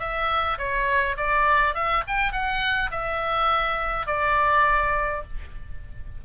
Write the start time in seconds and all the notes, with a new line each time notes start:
0.00 E5
0.59 C#5
1.18 D5
1.75 E5
2.08 G5
2.33 F#5
2.92 E5
4.07 D5